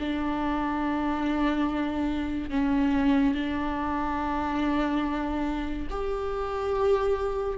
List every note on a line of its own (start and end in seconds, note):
0.00 2.50 D4
2.50 3.35 C#4
3.35 5.88 D4
5.90 7.58 G4